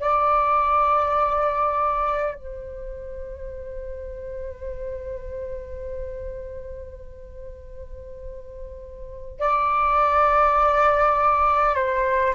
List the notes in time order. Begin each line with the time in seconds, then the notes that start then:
0.00 D5
2.35 C5
9.40 D5
11.75 C5